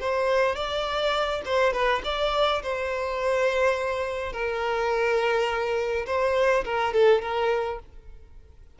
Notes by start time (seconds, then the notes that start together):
0.00 C5
0.55 D5
1.45 C5
1.73 B4
2.04 D5
2.62 C5
4.32 A#4
6.06 C5
6.64 A#4
6.93 A4
7.21 A#4